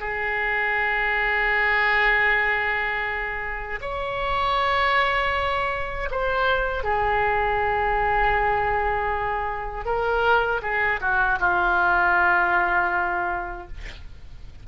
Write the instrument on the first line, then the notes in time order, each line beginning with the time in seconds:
oboe
0.00 G#4
3.81 C#5
6.11 C5
6.84 G#4
9.86 A#4
10.63 G#4
11.01 F#4
11.40 F4